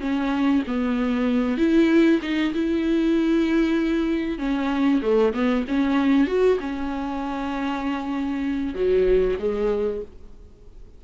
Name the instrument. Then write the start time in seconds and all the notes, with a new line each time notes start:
viola
0.00 C#4
0.67 B3
1.58 E4
2.22 D#4
2.54 E4
4.39 C#4
5.02 A3
5.34 B3
5.68 C#4
6.27 F#4
6.60 C#4
8.74 F#3
9.39 G#3